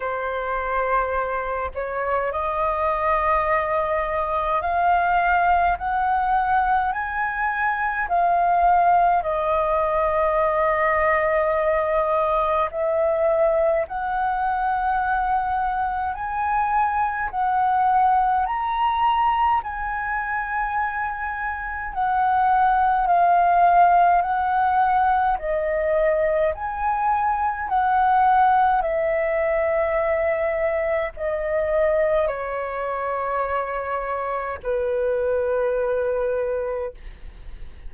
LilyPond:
\new Staff \with { instrumentName = "flute" } { \time 4/4 \tempo 4 = 52 c''4. cis''8 dis''2 | f''4 fis''4 gis''4 f''4 | dis''2. e''4 | fis''2 gis''4 fis''4 |
ais''4 gis''2 fis''4 | f''4 fis''4 dis''4 gis''4 | fis''4 e''2 dis''4 | cis''2 b'2 | }